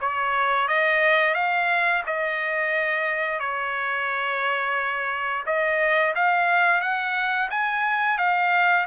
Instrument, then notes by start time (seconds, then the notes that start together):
trumpet
0.00 C#5
0.68 D#5
1.34 F5
2.06 D#5
3.39 C#5
5.46 D#5
6.15 F5
6.81 F#5
7.50 G#5
8.18 F5